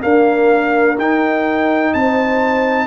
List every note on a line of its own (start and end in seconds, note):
0.00 0.95 A#3
0.00 0.97 D4
0.00 1.94 A#4
0.00 0.97 F5
0.97 1.93 D#4
0.97 2.87 D#4
0.97 1.93 G5
1.93 2.87 C4
1.93 2.87 C5
1.93 2.87 A5